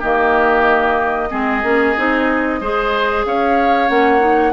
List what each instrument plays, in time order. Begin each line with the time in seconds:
0.00 bassoon D#3, clarinet A#3, oboe G4, flute D#5
1.31 bassoon G#3, clarinet C4, oboe G#4
1.64 bassoon A#3, clarinet C#4
1.97 bassoon C4, clarinet D#4
2.61 bassoon G#3, clarinet G#4, oboe C5
3.25 bassoon C#4, oboe C#5, flute F5
3.89 bassoon A#3, clarinet C#4, flute F#5
4.20 clarinet D#4